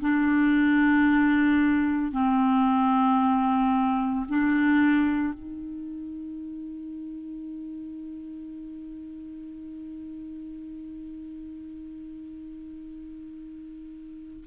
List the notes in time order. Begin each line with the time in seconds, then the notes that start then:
0.00 D4
2.11 C4
4.28 D4
5.34 D#4